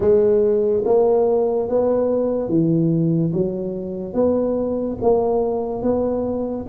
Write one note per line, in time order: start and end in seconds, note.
0.00 0.83 G#3
0.85 1.68 A#3
1.69 2.48 B3
2.48 3.32 E3
3.32 4.13 F#3
4.13 4.97 B3
5.01 5.82 A#3
5.82 6.66 B3